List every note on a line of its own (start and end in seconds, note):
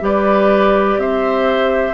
0.00 0.97 G3
0.00 1.94 G4
0.00 1.00 B4
0.00 1.00 D5
0.97 1.94 C4
0.97 1.94 C5
0.97 1.94 E5